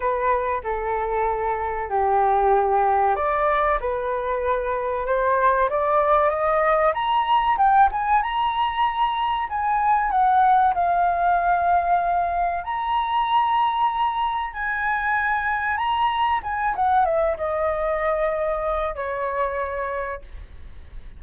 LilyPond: \new Staff \with { instrumentName = "flute" } { \time 4/4 \tempo 4 = 95 b'4 a'2 g'4~ | g'4 d''4 b'2 | c''4 d''4 dis''4 ais''4 | g''8 gis''8 ais''2 gis''4 |
fis''4 f''2. | ais''2. gis''4~ | gis''4 ais''4 gis''8 fis''8 e''8 dis''8~ | dis''2 cis''2 | }